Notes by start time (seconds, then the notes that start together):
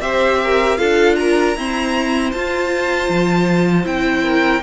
0.00 C4 G4 C5 E5
0.44 A#4
0.77 D4 F4 A4 F5
1.15 A#4 A#5
1.56 C4 E4 C5
2.32 F4 A5
3.09 F3
3.84 C4 E4 G5
4.24 A#4